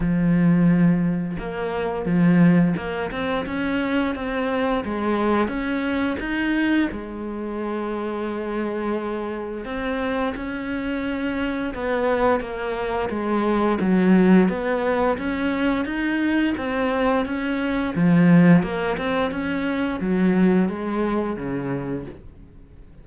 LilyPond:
\new Staff \with { instrumentName = "cello" } { \time 4/4 \tempo 4 = 87 f2 ais4 f4 | ais8 c'8 cis'4 c'4 gis4 | cis'4 dis'4 gis2~ | gis2 c'4 cis'4~ |
cis'4 b4 ais4 gis4 | fis4 b4 cis'4 dis'4 | c'4 cis'4 f4 ais8 c'8 | cis'4 fis4 gis4 cis4 | }